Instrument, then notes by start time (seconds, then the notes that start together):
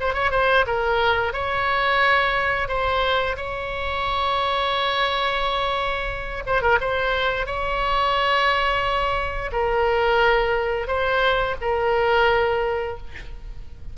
oboe
0.00 C5
0.14 C#5
0.31 C5
0.67 A#4
1.33 C#5
2.68 C5
3.37 C#5
6.46 C5
6.62 A#4
6.81 C5
7.46 C#5
9.52 A#4
10.87 C5
11.61 A#4